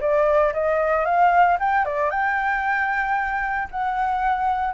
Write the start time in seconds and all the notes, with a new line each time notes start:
0.00 D5
0.53 D#5
1.05 F5
1.59 G5
1.85 D5
2.10 G5
3.71 F#5